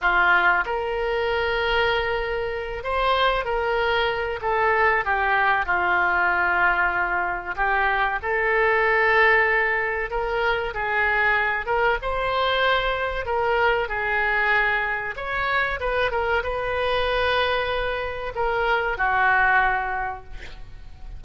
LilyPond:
\new Staff \with { instrumentName = "oboe" } { \time 4/4 \tempo 4 = 95 f'4 ais'2.~ | ais'8 c''4 ais'4. a'4 | g'4 f'2. | g'4 a'2. |
ais'4 gis'4. ais'8 c''4~ | c''4 ais'4 gis'2 | cis''4 b'8 ais'8 b'2~ | b'4 ais'4 fis'2 | }